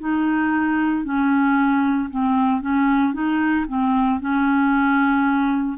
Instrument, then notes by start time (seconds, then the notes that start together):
clarinet
0.00 D#4
1.05 C#4
2.11 C4
2.61 C#4
3.14 D#4
3.68 C4
4.21 C#4